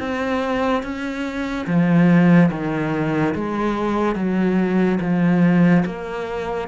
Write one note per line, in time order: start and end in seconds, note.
0.00 0.83 C4
0.83 1.67 C#4
1.67 2.50 F3
2.51 3.34 D#3
3.35 4.16 G#3
4.16 4.99 F#3
5.01 5.84 F3
5.86 6.69 A#3